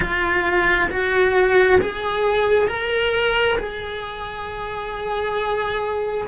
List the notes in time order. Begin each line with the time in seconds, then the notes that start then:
0.00 F4
0.90 F#4
1.81 G#4
2.67 A#4
3.58 G#4